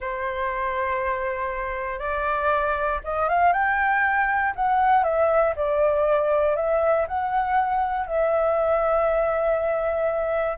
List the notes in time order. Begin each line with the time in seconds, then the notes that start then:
0.00 C5
1.99 D5
3.03 D#5
3.29 F5
3.52 G5
4.55 F#5
5.03 E5
5.56 D5
6.56 E5
7.07 F#5
8.06 E5